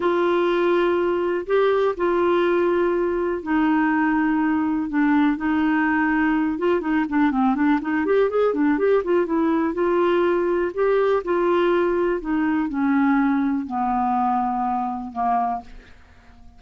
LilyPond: \new Staff \with { instrumentName = "clarinet" } { \time 4/4 \tempo 4 = 123 f'2. g'4 | f'2. dis'4~ | dis'2 d'4 dis'4~ | dis'4. f'8 dis'8 d'8 c'8 d'8 |
dis'8 g'8 gis'8 d'8 g'8 f'8 e'4 | f'2 g'4 f'4~ | f'4 dis'4 cis'2 | b2. ais4 | }